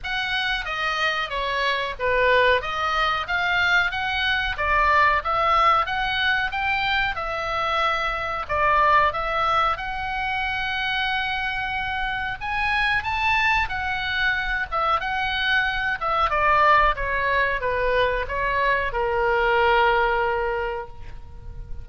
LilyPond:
\new Staff \with { instrumentName = "oboe" } { \time 4/4 \tempo 4 = 92 fis''4 dis''4 cis''4 b'4 | dis''4 f''4 fis''4 d''4 | e''4 fis''4 g''4 e''4~ | e''4 d''4 e''4 fis''4~ |
fis''2. gis''4 | a''4 fis''4. e''8 fis''4~ | fis''8 e''8 d''4 cis''4 b'4 | cis''4 ais'2. | }